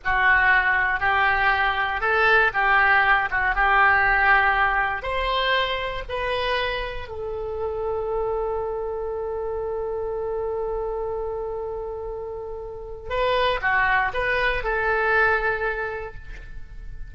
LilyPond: \new Staff \with { instrumentName = "oboe" } { \time 4/4 \tempo 4 = 119 fis'2 g'2 | a'4 g'4. fis'8 g'4~ | g'2 c''2 | b'2 a'2~ |
a'1~ | a'1~ | a'2 b'4 fis'4 | b'4 a'2. | }